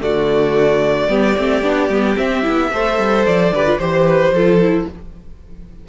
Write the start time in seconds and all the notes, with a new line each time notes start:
0.00 D3 A3 F#4 D5
1.08 G3 B3 G4
1.38 A3 C4
1.62 B3 D4
1.89 G3 B3
2.16 C4 E5
2.42 B3 E4
2.72 A3 A4 C5
2.98 G3
3.26 F3 D5
3.51 D3 G4 B4
3.66 F4
3.78 E3 G4 C5
4.07 B4
4.30 F3 A4
4.37 F4
4.61 E4